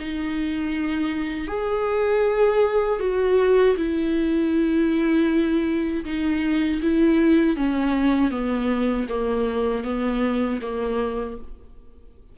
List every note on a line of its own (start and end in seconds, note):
0.00 1.48 D#4
1.48 3.00 G#4
3.00 3.76 F#4
3.77 6.05 E4
6.05 6.81 D#4
6.82 7.57 E4
7.57 8.31 C#4
8.31 9.07 B3
9.09 9.85 A#3
9.85 10.61 B3
10.62 11.38 A#3